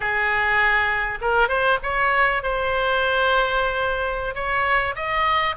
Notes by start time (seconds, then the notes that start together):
0.00 G#4
1.21 A#4
1.48 C5
1.82 C#5
2.42 C5
4.34 C#5
4.95 D#5